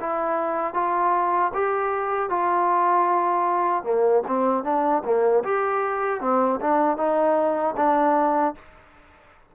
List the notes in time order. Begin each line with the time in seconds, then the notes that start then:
0.00 E4
0.73 F4
1.54 G4
2.29 F4
3.83 A#3
4.27 C4
4.64 D4
5.04 A#3
5.43 G4
6.21 C4
6.61 D4
6.97 D#4
7.76 D4